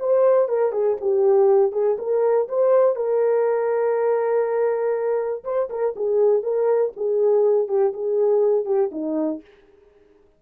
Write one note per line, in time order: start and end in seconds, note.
0.00 0.49 C5
0.49 0.73 A#4
0.73 0.97 G#4
1.01 1.72 G4
1.72 1.97 G#4
1.99 2.48 A#4
2.49 2.96 C5
2.96 5.44 A#4
5.44 5.69 C5
5.70 5.95 A#4
5.96 6.43 G#4
6.43 6.92 A#4
6.97 7.68 G#4
7.68 7.93 G4
7.93 8.66 G#4
8.66 8.91 G4
8.92 9.42 D#4